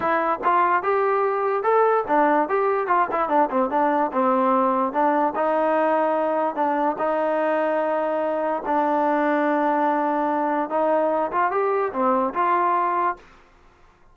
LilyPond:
\new Staff \with { instrumentName = "trombone" } { \time 4/4 \tempo 4 = 146 e'4 f'4 g'2 | a'4 d'4 g'4 f'8 e'8 | d'8 c'8 d'4 c'2 | d'4 dis'2. |
d'4 dis'2.~ | dis'4 d'2.~ | d'2 dis'4. f'8 | g'4 c'4 f'2 | }